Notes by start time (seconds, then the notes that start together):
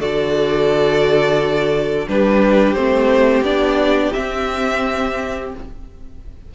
0.00 D3 F#4 A4 D5
2.08 G3 D4 G4 B4
2.74 A3 C4 C5
3.42 B3 D4 D5
4.13 C4 E5